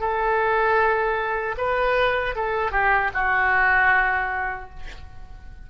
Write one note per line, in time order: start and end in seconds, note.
0.00 1.56 A4
1.58 2.36 B4
2.36 2.72 A4
2.72 3.11 G4
3.14 4.70 F#4